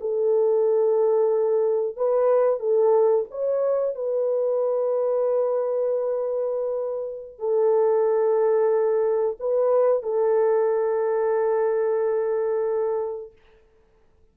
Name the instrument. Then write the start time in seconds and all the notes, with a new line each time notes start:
horn
0.00 A4
1.96 B4
2.59 A4
3.31 C#5
3.95 B4
7.38 A4
9.40 B4
10.02 A4